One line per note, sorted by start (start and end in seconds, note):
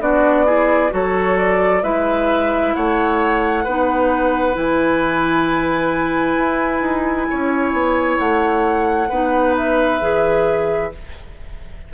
0.00 0.91 B3
0.00 0.45 D4
0.00 0.46 F#4
0.00 0.92 D5
0.45 0.90 E4
0.45 0.91 G#4
0.90 1.82 F#3
0.90 1.80 F#4
0.90 1.83 A4
0.90 1.37 C#5
1.37 1.83 D5
1.82 2.73 G#3
1.82 3.64 E4
1.82 2.74 B4
1.82 2.74 E5
2.74 3.66 A3
2.74 3.64 C#5
2.74 4.56 F#5
3.64 4.56 B3
3.64 4.53 D#4
3.64 7.27 B4
4.53 6.37 E3
4.53 9.07 E4
4.53 8.18 G#5
6.37 6.81 E4
6.81 7.27 D#4
7.30 7.72 C#4
7.30 9.09 C#5
7.72 8.18 B3
8.18 9.10 A3
8.18 9.55 F#5
9.09 10.01 B3
9.09 10.00 D#4
9.09 10.91 B4
9.57 10.93 E5
10.00 10.92 E3
10.00 10.91 G#4